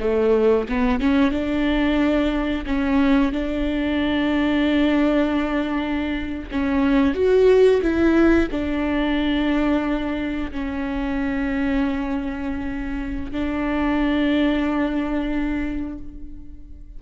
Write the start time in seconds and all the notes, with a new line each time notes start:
0.00 A3
0.68 B3
1.00 C#4
1.31 D4
2.66 C#4
3.32 D4
6.51 C#4
7.15 F#4
7.82 E4
8.51 D4
10.52 C#4
13.32 D4